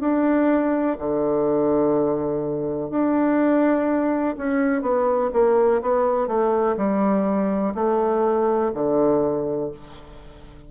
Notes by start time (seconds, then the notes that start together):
0.00 D4
0.98 D3
2.90 D4
4.38 C#4
4.82 B3
5.33 A#3
5.82 B3
6.27 A3
6.77 G3
7.75 A3
8.74 D3